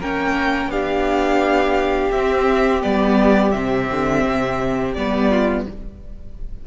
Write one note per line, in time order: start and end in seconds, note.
0.00 0.67 A#3
0.00 0.72 C#4
0.00 0.70 A#4
0.00 0.71 G5
0.67 2.08 B3
0.67 2.14 D4
0.67 5.29 G4
0.67 2.12 F5
2.12 2.83 C4
2.12 2.82 C4
2.12 2.82 E5
2.82 3.54 G3
2.82 3.53 B3
2.82 3.52 D5
3.52 3.89 C3
3.52 4.96 C4
3.52 4.93 E5
3.91 4.26 D3
4.26 4.96 C3
4.94 5.67 G3
4.94 5.67 B3
4.94 5.65 D5
5.31 5.66 F4